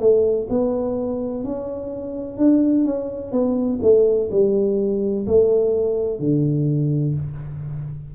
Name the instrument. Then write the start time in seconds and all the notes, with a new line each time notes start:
tuba
0.00 A3
0.50 B3
1.44 C#4
2.38 D4
2.84 C#4
3.32 B3
3.82 A3
4.31 G3
5.27 A3
6.19 D3